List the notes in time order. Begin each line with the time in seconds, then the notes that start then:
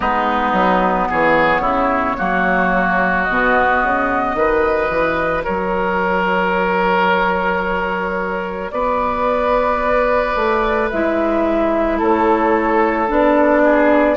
0.00 G#3 B3 D#4 B4
0.52 F#3
1.09 E3 G#4 C#5
1.59 C#3 E4
2.17 F#3 A#3 F#4
3.23 B2 D#5
3.31 B3
3.82 C#3
4.34 D#3 F#4 B4
4.89 E3
5.43 F#3 A#4 C#5
8.70 B3 B4 D5
10.35 A3
10.90 G#3 E4 E5
11.98 A3 A4 C#5
13.07 B3 D4 D5
13.64 G#4